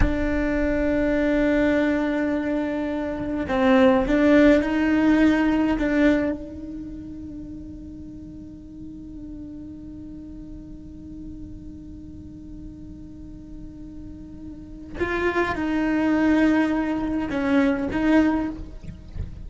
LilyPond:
\new Staff \with { instrumentName = "cello" } { \time 4/4 \tempo 4 = 104 d'1~ | d'2 c'4 d'4 | dis'2 d'4 dis'4~ | dis'1~ |
dis'1~ | dis'1~ | dis'2 f'4 dis'4~ | dis'2 cis'4 dis'4 | }